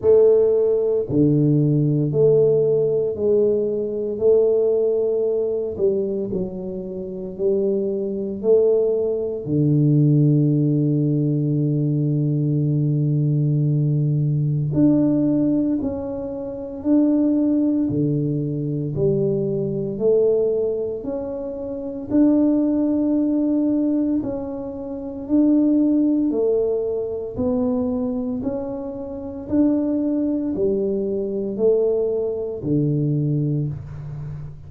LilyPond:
\new Staff \with { instrumentName = "tuba" } { \time 4/4 \tempo 4 = 57 a4 d4 a4 gis4 | a4. g8 fis4 g4 | a4 d2.~ | d2 d'4 cis'4 |
d'4 d4 g4 a4 | cis'4 d'2 cis'4 | d'4 a4 b4 cis'4 | d'4 g4 a4 d4 | }